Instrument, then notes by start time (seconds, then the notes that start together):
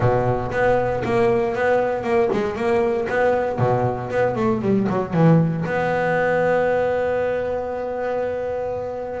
double bass
0.00 B2
0.51 B3
1.04 A#3
1.54 B3
2.03 A#3
2.32 G#3
2.56 A#3
3.08 B3
3.59 B2
4.10 B3
4.35 A3
4.61 G3
4.89 F#3
5.13 E3
5.65 B3